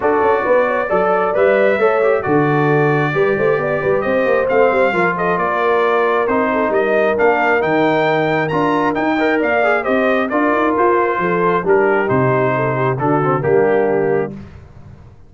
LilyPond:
<<
  \new Staff \with { instrumentName = "trumpet" } { \time 4/4 \tempo 4 = 134 d''2. e''4~ | e''4 d''2.~ | d''4 dis''4 f''4. dis''8 | d''2 c''4 dis''4 |
f''4 g''2 ais''4 | g''4 f''4 dis''4 d''4 | c''2 ais'4 c''4~ | c''4 a'4 g'2 | }
  \new Staff \with { instrumentName = "horn" } { \time 4/4 a'4 b'8 cis''8 d''2 | cis''4 a'2 b'8 c''8 | d''8 b'8 c''2 ais'8 a'8 | ais'2~ ais'8 a'8 ais'4~ |
ais'1~ | ais'8 dis''8 d''4 c''4 ais'4~ | ais'4 a'4 g'2 | a'8 g'8 fis'4 d'2 | }
  \new Staff \with { instrumentName = "trombone" } { \time 4/4 fis'2 a'4 b'4 | a'8 g'8 fis'2 g'4~ | g'2 c'4 f'4~ | f'2 dis'2 |
d'4 dis'2 f'4 | dis'8 ais'4 gis'8 g'4 f'4~ | f'2 d'4 dis'4~ | dis'4 d'8 c'8 ais2 | }
  \new Staff \with { instrumentName = "tuba" } { \time 4/4 d'8 cis'8 b4 fis4 g4 | a4 d2 g8 a8 | b8 g8 c'8 ais8 a8 g8 f4 | ais2 c'4 g4 |
ais4 dis2 d'4 | dis'4 ais4 c'4 d'8 dis'8 | f'4 f4 g4 c4~ | c4 d4 g2 | }
>>